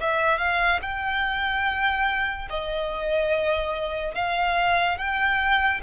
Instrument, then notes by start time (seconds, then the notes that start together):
violin
0.00 E5
0.38 F5
0.82 G5
2.49 D#5
4.14 F5
4.97 G5